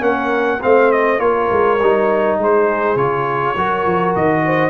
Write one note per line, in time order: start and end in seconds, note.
0.00 0.59 A#3
0.00 0.59 C#4
0.00 0.61 A#4
0.00 0.61 F#5
0.61 1.19 A3
0.61 1.19 C4
0.61 1.21 C5
0.61 0.92 F5
0.92 1.20 D#5
1.19 1.48 A#3
1.19 1.78 F4
1.19 2.38 A#4
1.19 2.38 C#5
1.51 1.80 G#3
1.80 2.38 G3
1.80 2.97 D#4
2.38 2.95 G#3
2.38 3.56 G#4
2.38 2.97 C5
2.95 3.54 C#3
2.95 3.56 F4
2.95 4.14 C#5
3.56 3.85 F#3
3.56 4.70 F#4
3.56 4.45 A#4
3.85 4.14 F3
4.15 4.70 D#3
4.15 4.70 D#5
4.45 4.70 C5